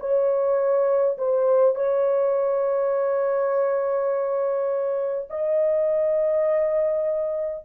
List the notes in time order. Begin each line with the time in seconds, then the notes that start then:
0.00 C#5
1.18 C5
1.76 C#5
5.30 D#5